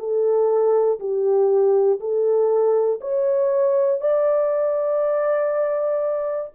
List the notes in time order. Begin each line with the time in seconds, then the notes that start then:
0.00 A4
1.00 G4
2.01 A4
3.01 C#5
4.01 D5